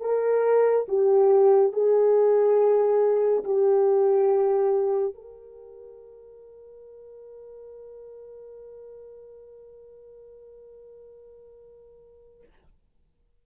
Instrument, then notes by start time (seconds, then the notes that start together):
horn
0.00 A#4
0.88 G4
1.72 G#4
3.44 G4
5.14 A#4